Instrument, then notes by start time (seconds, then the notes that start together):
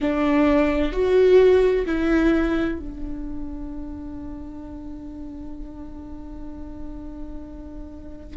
viola
0.00 D4
0.92 F#4
1.86 E4
2.78 D4